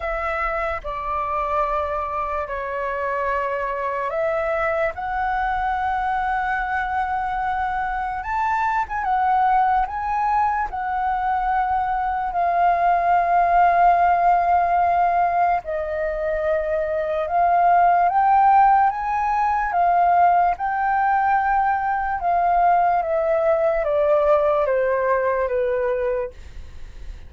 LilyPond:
\new Staff \with { instrumentName = "flute" } { \time 4/4 \tempo 4 = 73 e''4 d''2 cis''4~ | cis''4 e''4 fis''2~ | fis''2 a''8. gis''16 fis''4 | gis''4 fis''2 f''4~ |
f''2. dis''4~ | dis''4 f''4 g''4 gis''4 | f''4 g''2 f''4 | e''4 d''4 c''4 b'4 | }